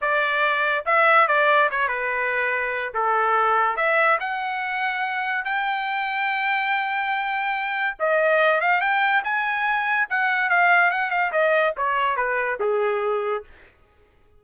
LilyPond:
\new Staff \with { instrumentName = "trumpet" } { \time 4/4 \tempo 4 = 143 d''2 e''4 d''4 | cis''8 b'2~ b'8 a'4~ | a'4 e''4 fis''2~ | fis''4 g''2.~ |
g''2. dis''4~ | dis''8 f''8 g''4 gis''2 | fis''4 f''4 fis''8 f''8 dis''4 | cis''4 b'4 gis'2 | }